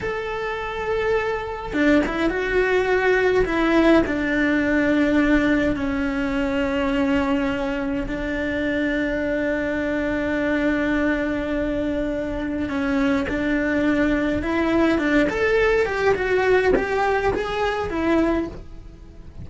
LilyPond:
\new Staff \with { instrumentName = "cello" } { \time 4/4 \tempo 4 = 104 a'2. d'8 e'8 | fis'2 e'4 d'4~ | d'2 cis'2~ | cis'2 d'2~ |
d'1~ | d'2 cis'4 d'4~ | d'4 e'4 d'8 a'4 g'8 | fis'4 g'4 gis'4 e'4 | }